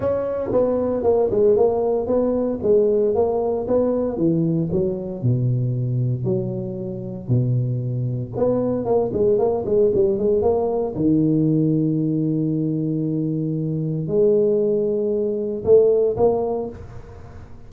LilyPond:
\new Staff \with { instrumentName = "tuba" } { \time 4/4 \tempo 4 = 115 cis'4 b4 ais8 gis8 ais4 | b4 gis4 ais4 b4 | e4 fis4 b,2 | fis2 b,2 |
b4 ais8 gis8 ais8 gis8 g8 gis8 | ais4 dis2.~ | dis2. gis4~ | gis2 a4 ais4 | }